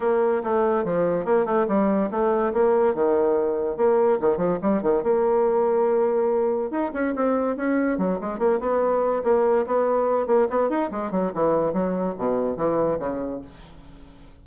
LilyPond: \new Staff \with { instrumentName = "bassoon" } { \time 4/4 \tempo 4 = 143 ais4 a4 f4 ais8 a8 | g4 a4 ais4 dis4~ | dis4 ais4 dis8 f8 g8 dis8 | ais1 |
dis'8 cis'8 c'4 cis'4 fis8 gis8 | ais8 b4. ais4 b4~ | b8 ais8 b8 dis'8 gis8 fis8 e4 | fis4 b,4 e4 cis4 | }